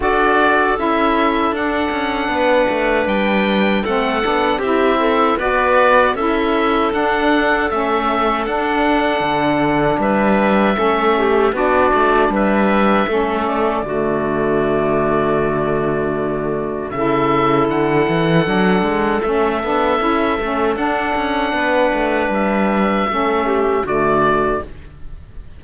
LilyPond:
<<
  \new Staff \with { instrumentName = "oboe" } { \time 4/4 \tempo 4 = 78 d''4 e''4 fis''2 | g''4 fis''4 e''4 d''4 | e''4 fis''4 e''4 fis''4~ | fis''4 e''2 d''4 |
e''4. d''2~ d''8~ | d''2 e''4 fis''4~ | fis''4 e''2 fis''4~ | fis''4 e''2 d''4 | }
  \new Staff \with { instrumentName = "clarinet" } { \time 4/4 a'2. b'4~ | b'4 a'4 g'8 a'8 b'4 | a'1~ | a'4 b'4 a'8 g'8 fis'4 |
b'4 a'4 fis'2~ | fis'2 a'2~ | a'1 | b'2 a'8 g'8 fis'4 | }
  \new Staff \with { instrumentName = "saxophone" } { \time 4/4 fis'4 e'4 d'2~ | d'4 c'8 d'8 e'4 fis'4 | e'4 d'4 cis'4 d'4~ | d'2 cis'4 d'4~ |
d'4 cis'4 a2~ | a2 e'2 | d'4 cis'8 d'8 e'8 cis'8 d'4~ | d'2 cis'4 a4 | }
  \new Staff \with { instrumentName = "cello" } { \time 4/4 d'4 cis'4 d'8 cis'8 b8 a8 | g4 a8 b8 c'4 b4 | cis'4 d'4 a4 d'4 | d4 g4 a4 b8 a8 |
g4 a4 d2~ | d2 cis4 d8 e8 | fis8 gis8 a8 b8 cis'8 a8 d'8 cis'8 | b8 a8 g4 a4 d4 | }
>>